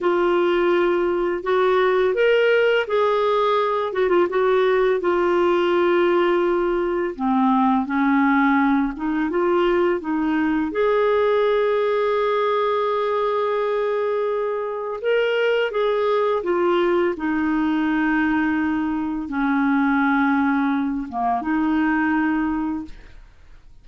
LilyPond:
\new Staff \with { instrumentName = "clarinet" } { \time 4/4 \tempo 4 = 84 f'2 fis'4 ais'4 | gis'4. fis'16 f'16 fis'4 f'4~ | f'2 c'4 cis'4~ | cis'8 dis'8 f'4 dis'4 gis'4~ |
gis'1~ | gis'4 ais'4 gis'4 f'4 | dis'2. cis'4~ | cis'4. ais8 dis'2 | }